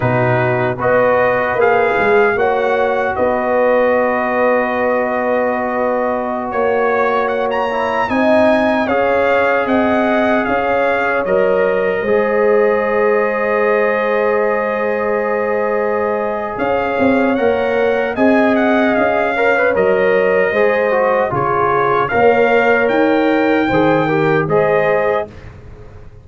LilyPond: <<
  \new Staff \with { instrumentName = "trumpet" } { \time 4/4 \tempo 4 = 76 b'4 dis''4 f''4 fis''4 | dis''1~ | dis''16 cis''4 fis''16 ais''8. gis''4 f''8.~ | f''16 fis''4 f''4 dis''4.~ dis''16~ |
dis''1~ | dis''4 f''4 fis''4 gis''8 fis''8 | f''4 dis''2 cis''4 | f''4 g''2 dis''4 | }
  \new Staff \with { instrumentName = "horn" } { \time 4/4 fis'4 b'2 cis''4 | b'1~ | b'16 cis''2 dis''4 cis''8.~ | cis''16 dis''4 cis''2 c''8.~ |
c''1~ | c''4 cis''2 dis''4~ | dis''8 cis''4. c''4 gis'4 | cis''2 c''8 ais'8 c''4 | }
  \new Staff \with { instrumentName = "trombone" } { \time 4/4 dis'4 fis'4 gis'4 fis'4~ | fis'1~ | fis'4.~ fis'16 e'8 dis'4 gis'8.~ | gis'2~ gis'16 ais'4 gis'8.~ |
gis'1~ | gis'2 ais'4 gis'4~ | gis'8 ais'16 b'16 ais'4 gis'8 fis'8 f'4 | ais'2 gis'8 g'8 gis'4 | }
  \new Staff \with { instrumentName = "tuba" } { \time 4/4 b,4 b4 ais8 gis8 ais4 | b1~ | b16 ais2 c'4 cis'8.~ | cis'16 c'4 cis'4 fis4 gis8.~ |
gis1~ | gis4 cis'8 c'8 ais4 c'4 | cis'4 fis4 gis4 cis4 | ais4 dis'4 dis4 gis4 | }
>>